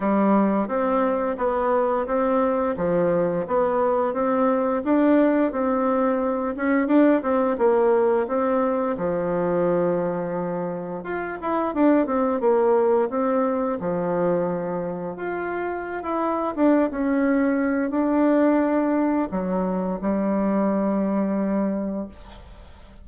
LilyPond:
\new Staff \with { instrumentName = "bassoon" } { \time 4/4 \tempo 4 = 87 g4 c'4 b4 c'4 | f4 b4 c'4 d'4 | c'4. cis'8 d'8 c'8 ais4 | c'4 f2. |
f'8 e'8 d'8 c'8 ais4 c'4 | f2 f'4~ f'16 e'8. | d'8 cis'4. d'2 | fis4 g2. | }